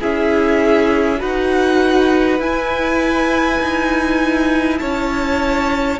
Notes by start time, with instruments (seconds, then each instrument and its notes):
0.00 cello C#4, viola E4, violin G#4 E5
1.18 cello D#4, viola F#4, violin B4 F#5
2.39 cello E4, viola E4, violin G#5
3.59 cello D#4
4.78 cello C#4, violin C#5 A5